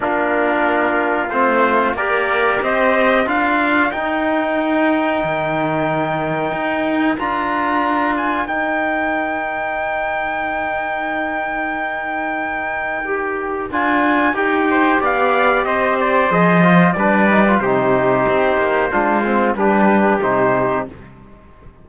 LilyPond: <<
  \new Staff \with { instrumentName = "trumpet" } { \time 4/4 \tempo 4 = 92 ais'2 c''4 d''4 | dis''4 f''4 g''2~ | g''2. ais''4~ | ais''8 gis''8 g''2.~ |
g''1~ | g''4 gis''4 g''4 f''4 | dis''8 d''8 dis''4 d''4 c''4~ | c''2 b'4 c''4 | }
  \new Staff \with { instrumentName = "trumpet" } { \time 4/4 f'2. ais'4 | c''4 ais'2.~ | ais'1~ | ais'1~ |
ais'1~ | ais'2~ ais'8 c''8 d''4 | c''2 b'4 g'4~ | g'4 f'4 g'2 | }
  \new Staff \with { instrumentName = "trombone" } { \time 4/4 d'2 c'4 g'4~ | g'4 f'4 dis'2~ | dis'2. f'4~ | f'4 dis'2.~ |
dis'1 | g'4 f'4 g'2~ | g'4 gis'8 f'8 d'8 dis'16 f'16 dis'4~ | dis'4 d'8 c'8 d'4 dis'4 | }
  \new Staff \with { instrumentName = "cello" } { \time 4/4 ais2 a4 ais4 | c'4 d'4 dis'2 | dis2 dis'4 d'4~ | d'4 dis'2.~ |
dis'1~ | dis'4 d'4 dis'4 b4 | c'4 f4 g4 c4 | c'8 ais8 gis4 g4 c4 | }
>>